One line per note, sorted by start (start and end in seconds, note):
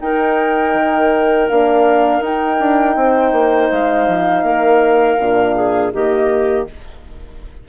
0.00 0.74 D#4
0.00 1.49 D#4
0.00 2.97 A#4
0.00 1.48 G5
0.74 1.48 D#3
1.48 2.19 A#3
1.48 2.22 D4
1.48 2.23 F5
2.19 2.56 D#4
2.19 5.19 D#4
2.19 3.70 G5
2.60 2.96 D4
2.96 3.32 C4
2.96 4.45 C5
3.32 3.69 A#3
3.70 4.08 G#3
3.70 5.92 F5
4.08 4.43 F3
4.43 5.17 A#3
4.43 5.55 A#4
5.19 5.93 A#2
5.19 5.94 D4
5.55 5.92 G#4
5.92 6.68 D#3
5.92 6.68 A#3
5.92 6.67 G4
5.92 6.66 D#5